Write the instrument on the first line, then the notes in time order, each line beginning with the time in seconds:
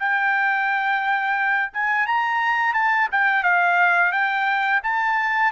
trumpet
0.00 G5
1.74 G#5
2.07 A#5
2.74 A5
3.12 G5
3.43 F5
4.12 G5
4.83 A5